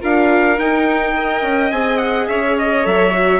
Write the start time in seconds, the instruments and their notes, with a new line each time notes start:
0.00 bassoon D4, viola F4, violin A#4, trumpet F5
0.58 viola D#4, bassoon D#4, trumpet G5
1.16 viola A#4, violin D#5
1.42 bassoon C#4
1.71 bassoon C4, viola G#4, trumpet G#5
1.98 trumpet F#5
2.28 bassoon C#4, violin C#5, trumpet E5
2.58 trumpet D#5
2.84 bassoon F#3, viola A4, trumpet E5
3.13 viola F#4